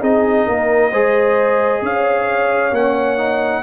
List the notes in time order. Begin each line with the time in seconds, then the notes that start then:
0.00 C4 D#4 G#4 D#5
0.46 A#3 A#4
0.91 G#3 G#4 C5
1.81 C#4 C#5 F5
2.71 A#3 C#4 F#5
3.17 D#4